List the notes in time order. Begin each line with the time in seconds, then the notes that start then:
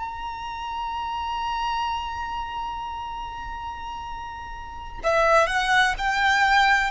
0.00 A#5
5.04 E5
5.47 F#5
5.98 G5